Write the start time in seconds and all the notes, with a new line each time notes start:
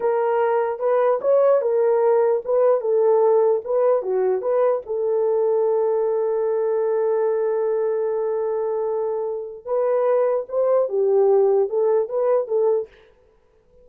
0.00 A#4
0.79 B4
1.21 C#5
1.61 A#4
2.44 B4
2.81 A4
3.64 B4
4.02 F#4
4.41 B4
4.86 A4
9.65 B4
10.49 C5
10.88 G4
11.69 A4
12.08 B4
12.47 A4